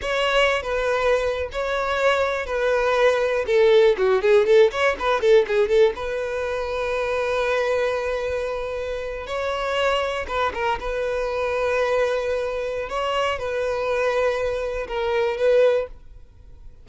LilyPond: \new Staff \with { instrumentName = "violin" } { \time 4/4 \tempo 4 = 121 cis''4~ cis''16 b'4.~ b'16 cis''4~ | cis''4 b'2 a'4 | fis'8 gis'8 a'8 cis''8 b'8 a'8 gis'8 a'8 | b'1~ |
b'2~ b'8. cis''4~ cis''16~ | cis''8. b'8 ais'8 b'2~ b'16~ | b'2 cis''4 b'4~ | b'2 ais'4 b'4 | }